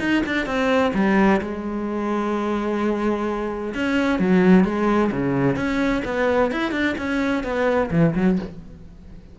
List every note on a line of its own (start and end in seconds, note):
0.00 0.23 D#4
0.26 0.47 D4
0.47 0.93 C4
0.95 1.41 G3
1.42 3.74 G#3
3.75 4.19 C#4
4.19 4.65 F#3
4.65 5.11 G#3
5.12 5.56 C#3
5.56 6.03 C#4
6.05 6.52 B3
6.52 6.72 E4
6.72 6.95 D4
6.98 7.44 C#4
7.44 7.90 B3
7.91 8.14 E3
8.16 8.39 F#3